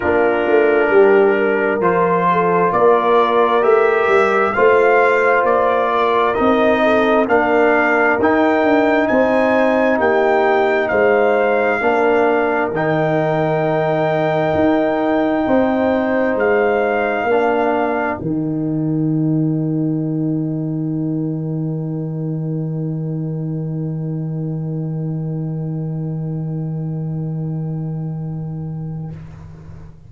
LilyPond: <<
  \new Staff \with { instrumentName = "trumpet" } { \time 4/4 \tempo 4 = 66 ais'2 c''4 d''4 | e''4 f''4 d''4 dis''4 | f''4 g''4 gis''4 g''4 | f''2 g''2~ |
g''2 f''2 | g''1~ | g''1~ | g''1 | }
  \new Staff \with { instrumentName = "horn" } { \time 4/4 f'4 g'8 ais'4 a'8 ais'4~ | ais'4 c''4. ais'4 a'8 | ais'2 c''4 g'4 | c''4 ais'2.~ |
ais'4 c''2 ais'4~ | ais'1~ | ais'1~ | ais'1 | }
  \new Staff \with { instrumentName = "trombone" } { \time 4/4 d'2 f'2 | g'4 f'2 dis'4 | d'4 dis'2.~ | dis'4 d'4 dis'2~ |
dis'2. d'4 | dis'1~ | dis'1~ | dis'1 | }
  \new Staff \with { instrumentName = "tuba" } { \time 4/4 ais8 a8 g4 f4 ais4 | a8 g8 a4 ais4 c'4 | ais4 dis'8 d'8 c'4 ais4 | gis4 ais4 dis2 |
dis'4 c'4 gis4 ais4 | dis1~ | dis1~ | dis1 | }
>>